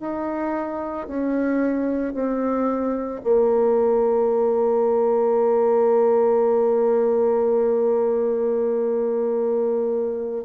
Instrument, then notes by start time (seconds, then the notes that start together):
bassoon
0.00 D#4
1.07 C#4
2.14 C4
3.24 A#3